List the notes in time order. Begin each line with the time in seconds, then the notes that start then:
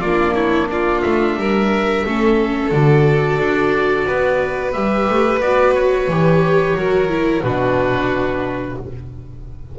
0.00 A#3 F4 D5
0.06 D4
0.34 E4 C#5
0.70 F4 D5
1.02 A3 E5
1.37 G3 A#4
2.06 A3 C#4 A4
2.71 D3 F#4 D5
3.39 D4
4.07 B3 B4
4.72 G3 G4 E5
5.09 A3
5.40 B3 F#4 D5
5.75 C#5
6.08 E3 G4
6.74 F#3 F#4 A#4
7.09 E4
7.43 B2 D4 F#4 B4